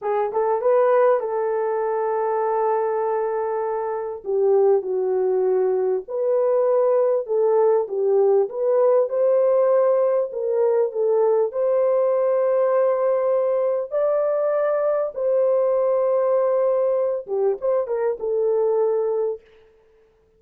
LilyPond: \new Staff \with { instrumentName = "horn" } { \time 4/4 \tempo 4 = 99 gis'8 a'8 b'4 a'2~ | a'2. g'4 | fis'2 b'2 | a'4 g'4 b'4 c''4~ |
c''4 ais'4 a'4 c''4~ | c''2. d''4~ | d''4 c''2.~ | c''8 g'8 c''8 ais'8 a'2 | }